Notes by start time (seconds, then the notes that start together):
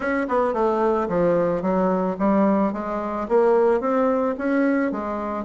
0.00 C#4
0.28 B3
0.53 A3
1.08 F3
1.62 F#3
2.18 G3
2.72 G#3
3.28 A#3
3.80 C4
4.38 C#4
4.91 G#3